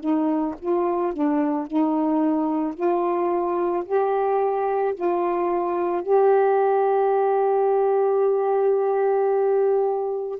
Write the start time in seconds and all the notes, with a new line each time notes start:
0.00 D#4
0.59 F4
1.13 D4
1.67 D#4
2.74 F4
3.85 G4
4.94 F4
6.02 G4